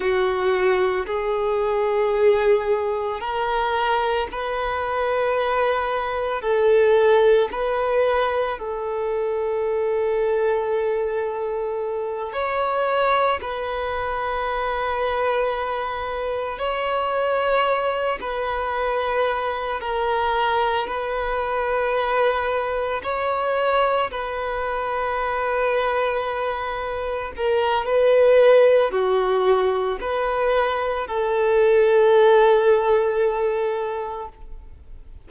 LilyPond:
\new Staff \with { instrumentName = "violin" } { \time 4/4 \tempo 4 = 56 fis'4 gis'2 ais'4 | b'2 a'4 b'4 | a'2.~ a'8 cis''8~ | cis''8 b'2. cis''8~ |
cis''4 b'4. ais'4 b'8~ | b'4. cis''4 b'4.~ | b'4. ais'8 b'4 fis'4 | b'4 a'2. | }